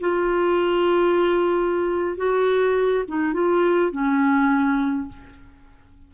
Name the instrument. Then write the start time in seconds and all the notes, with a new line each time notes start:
clarinet
0.00 F4
2.17 F#4
3.08 D#4
3.33 F4
3.91 C#4